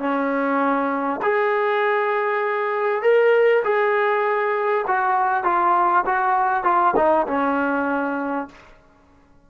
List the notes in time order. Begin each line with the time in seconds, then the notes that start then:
0.00 C#4
1.23 G#4
3.03 A#4
3.65 G#4
4.88 F#4
5.45 F4
6.07 F#4
6.64 F4
6.97 D#4
7.28 C#4